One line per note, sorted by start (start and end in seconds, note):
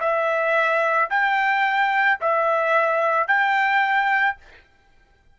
0.00 1.09 E5
1.10 2.19 G5
2.21 3.28 E5
3.28 4.37 G5